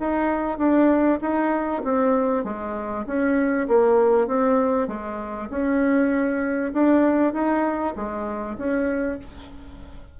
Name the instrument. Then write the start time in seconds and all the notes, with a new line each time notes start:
bassoon
0.00 D#4
0.58 D4
1.22 D#4
1.85 C4
2.44 G#3
3.06 C#4
3.68 A#3
4.27 C4
4.88 G#3
5.50 C#4
6.73 D4
7.33 D#4
7.96 G#3
8.58 C#4